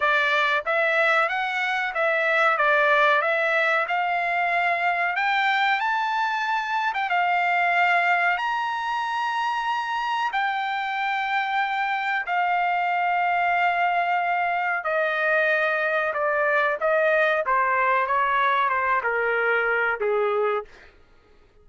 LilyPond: \new Staff \with { instrumentName = "trumpet" } { \time 4/4 \tempo 4 = 93 d''4 e''4 fis''4 e''4 | d''4 e''4 f''2 | g''4 a''4.~ a''16 g''16 f''4~ | f''4 ais''2. |
g''2. f''4~ | f''2. dis''4~ | dis''4 d''4 dis''4 c''4 | cis''4 c''8 ais'4. gis'4 | }